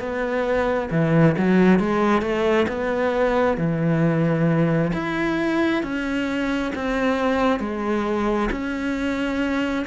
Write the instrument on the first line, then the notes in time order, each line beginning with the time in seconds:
cello
0.00 B3
0.91 E3
1.38 F#3
1.80 G#3
2.22 A3
2.69 B3
3.58 E3
4.94 E4
5.83 C#4
6.75 C4
7.60 G#3
8.52 C#4